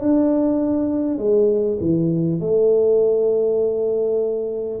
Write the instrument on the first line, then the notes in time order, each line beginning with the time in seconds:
tuba
0.00 D4
1.17 G#3
1.80 E3
2.40 A3